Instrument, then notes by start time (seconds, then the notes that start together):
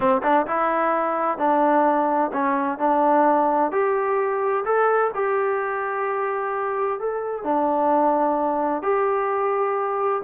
trombone
0.00 C4
0.23 D4
0.47 E4
1.38 D4
2.32 C#4
2.78 D4
3.71 G4
4.64 A4
5.14 G4
6.99 A4
7.43 D4
8.82 G4